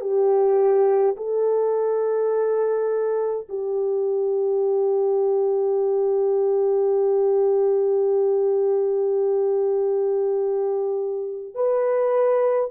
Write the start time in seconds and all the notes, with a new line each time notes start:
0.00 G4
1.16 A4
3.48 G4
11.54 B4